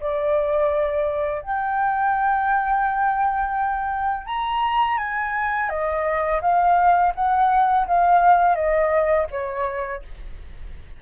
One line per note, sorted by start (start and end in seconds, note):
0.00 1.42 D5
1.42 4.26 G5
4.26 4.97 A#5
4.98 5.69 G#5
5.69 6.41 D#5
6.42 7.13 F5
7.15 7.86 F#5
7.87 8.55 F5
8.55 9.27 D#5
9.31 10.02 C#5